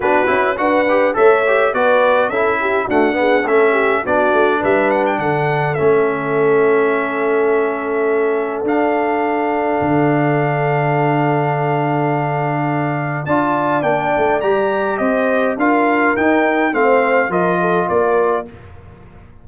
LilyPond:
<<
  \new Staff \with { instrumentName = "trumpet" } { \time 4/4 \tempo 4 = 104 b'4 fis''4 e''4 d''4 | e''4 fis''4 e''4 d''4 | e''8 fis''16 g''16 fis''4 e''2~ | e''2. f''4~ |
f''1~ | f''2. a''4 | g''4 ais''4 dis''4 f''4 | g''4 f''4 dis''4 d''4 | }
  \new Staff \with { instrumentName = "horn" } { \time 4/4 fis'4 b'4 cis''4 b'4 | a'8 g'8 fis'8 gis'8 a'8 g'8 fis'4 | b'4 a'2.~ | a'1~ |
a'1~ | a'2. d''4~ | d''2 c''4 ais'4~ | ais'4 c''4 ais'8 a'8 ais'4 | }
  \new Staff \with { instrumentName = "trombone" } { \time 4/4 d'8 e'8 fis'8 g'8 a'8 g'8 fis'4 | e'4 a8 b8 cis'4 d'4~ | d'2 cis'2~ | cis'2. d'4~ |
d'1~ | d'2. f'4 | d'4 g'2 f'4 | dis'4 c'4 f'2 | }
  \new Staff \with { instrumentName = "tuba" } { \time 4/4 b8 cis'8 d'4 a4 b4 | cis'4 d'4 a4 b8 a8 | g4 d4 a2~ | a2. d'4~ |
d'4 d2.~ | d2. d'4 | ais8 a8 g4 c'4 d'4 | dis'4 a4 f4 ais4 | }
>>